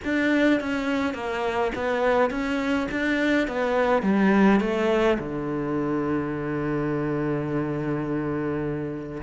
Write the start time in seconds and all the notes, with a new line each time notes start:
0.04 D4
0.60 C#4
1.14 A#3
1.75 B3
2.30 C#4
2.91 D4
3.47 B3
4.02 G3
4.60 A3
5.18 D3